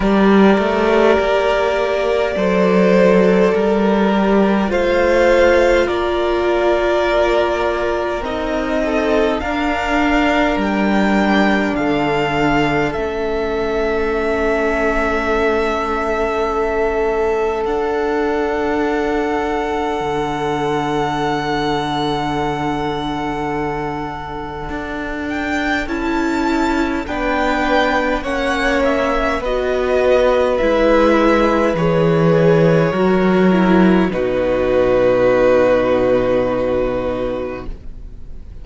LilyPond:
<<
  \new Staff \with { instrumentName = "violin" } { \time 4/4 \tempo 4 = 51 d''1 | f''4 d''2 dis''4 | f''4 g''4 f''4 e''4~ | e''2. fis''4~ |
fis''1~ | fis''4. g''8 a''4 g''4 | fis''8 e''8 dis''4 e''4 cis''4~ | cis''4 b'2. | }
  \new Staff \with { instrumentName = "violin" } { \time 4/4 ais'2 c''4 ais'4 | c''4 ais'2~ ais'8 a'8 | ais'2 a'2~ | a'1~ |
a'1~ | a'2. b'4 | cis''4 b'2. | ais'4 fis'2. | }
  \new Staff \with { instrumentName = "viola" } { \time 4/4 g'2 a'4. g'8 | f'2. dis'4 | d'2. cis'4~ | cis'2. d'4~ |
d'1~ | d'2 e'4 d'4 | cis'4 fis'4 e'4 gis'4 | fis'8 e'8 dis'2. | }
  \new Staff \with { instrumentName = "cello" } { \time 4/4 g8 a8 ais4 fis4 g4 | a4 ais2 c'4 | d'4 g4 d4 a4~ | a2. d'4~ |
d'4 d2.~ | d4 d'4 cis'4 b4 | ais4 b4 gis4 e4 | fis4 b,2. | }
>>